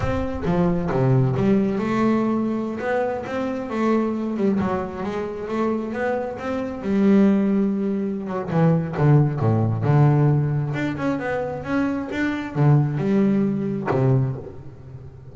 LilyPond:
\new Staff \with { instrumentName = "double bass" } { \time 4/4 \tempo 4 = 134 c'4 f4 c4 g4 | a2~ a16 b4 c'8.~ | c'16 a4. g8 fis4 gis8.~ | gis16 a4 b4 c'4 g8.~ |
g2~ g8 fis8 e4 | d4 a,4 d2 | d'8 cis'8 b4 cis'4 d'4 | d4 g2 c4 | }